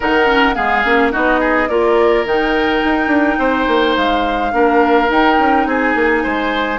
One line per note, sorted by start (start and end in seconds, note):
0.00 0.56 D#3
0.00 0.25 D#4
0.00 0.55 A#4
0.00 0.54 F#5
0.25 0.54 C#4
0.54 0.84 G#3
0.54 0.82 B3
0.54 1.11 G#4
0.54 1.10 F5
0.84 1.13 A#3
0.84 1.11 C#4
1.11 1.69 B3
1.11 1.68 D#4
1.11 1.40 F#4
1.11 1.68 D#5
1.40 1.68 G#4
1.68 2.24 A#3
1.68 2.25 F4
1.68 3.39 A#4
1.68 2.25 D5
2.24 2.81 D#3
2.24 4.52 D#4
2.24 3.96 G5
2.84 3.07 D#4
3.07 3.35 D4
3.38 3.66 C4
3.38 4.52 C5
3.67 3.95 A#3
3.96 4.52 G#3
3.96 5.09 F5
4.52 5.08 A#3
4.52 5.08 D4
4.52 5.67 A#4
5.08 6.78 D#4
5.08 5.38 D#4
5.08 5.67 G5
5.39 5.66 C#4
5.66 5.94 C4
5.66 6.23 G#4
5.66 6.79 G#5
5.95 6.23 A#3
6.23 6.79 G#3
6.23 6.79 C5